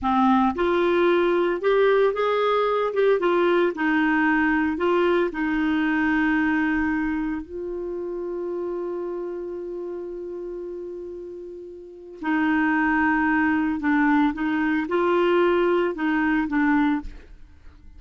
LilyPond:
\new Staff \with { instrumentName = "clarinet" } { \time 4/4 \tempo 4 = 113 c'4 f'2 g'4 | gis'4. g'8 f'4 dis'4~ | dis'4 f'4 dis'2~ | dis'2 f'2~ |
f'1~ | f'2. dis'4~ | dis'2 d'4 dis'4 | f'2 dis'4 d'4 | }